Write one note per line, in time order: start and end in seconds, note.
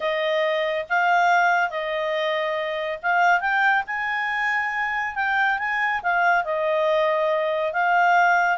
0.00 0.85 D#5
0.89 1.70 F5
1.70 2.98 D#5
3.02 3.40 F5
3.40 3.83 G5
3.86 5.15 G#5
5.15 5.58 G5
5.58 6.01 G#5
6.02 6.44 F5
6.44 7.72 D#5
7.72 8.57 F5